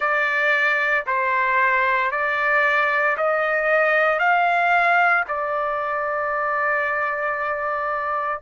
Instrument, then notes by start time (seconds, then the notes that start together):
trumpet
0.00 D5
1.06 C5
2.11 D5
3.17 D#5
4.19 F5
5.28 D5